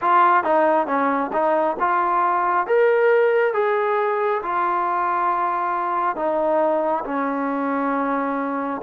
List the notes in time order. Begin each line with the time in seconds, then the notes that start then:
0.01 F4
0.43 D#4
0.86 C#4
1.32 D#4
1.79 F4
2.66 A#4
3.53 G#4
4.42 F4
6.15 D#4
7.04 C#4